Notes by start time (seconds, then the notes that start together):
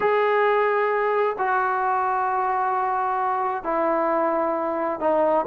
0.00 G#4
1.38 F#4
3.63 E4
5.00 D#4